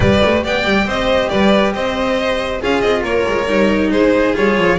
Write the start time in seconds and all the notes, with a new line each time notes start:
0.00 G3 G4 B4 D5
0.25 A3
0.43 B3 D5 G5
0.64 G3
0.85 C4 C5 D#5
1.29 G3 B4 D5
1.73 C4 C5 D#5
2.61 C#4 F4 G#4 F5
2.80 C4 D#5
3.03 A#3 A#4 C#5
3.27 G#3
3.47 G3 D#4
3.91 G#3 G#4 C5
4.34 G3 F4 C#5
4.57 F3